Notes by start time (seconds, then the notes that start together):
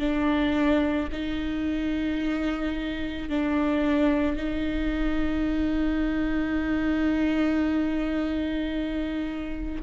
0.00 D4
1.13 D#4
3.30 D4
4.37 D#4